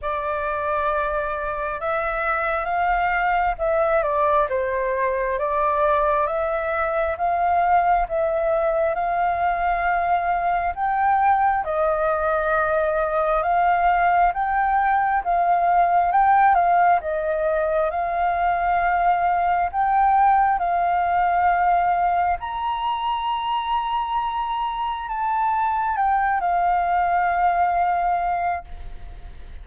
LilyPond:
\new Staff \with { instrumentName = "flute" } { \time 4/4 \tempo 4 = 67 d''2 e''4 f''4 | e''8 d''8 c''4 d''4 e''4 | f''4 e''4 f''2 | g''4 dis''2 f''4 |
g''4 f''4 g''8 f''8 dis''4 | f''2 g''4 f''4~ | f''4 ais''2. | a''4 g''8 f''2~ f''8 | }